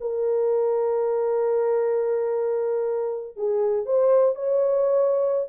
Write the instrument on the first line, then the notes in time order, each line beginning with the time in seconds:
horn
0.00 A#4
3.36 G#4
3.85 C5
4.35 C#5